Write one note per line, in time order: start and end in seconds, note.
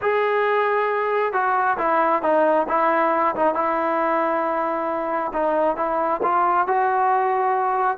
0.01 1.32 G#4
1.32 1.77 F#4
1.78 2.22 E4
2.22 2.66 D#4
2.68 3.35 E4
3.35 3.54 D#4
3.54 5.32 E4
5.33 5.76 D#4
5.76 6.20 E4
6.22 6.67 F4
6.67 7.97 F#4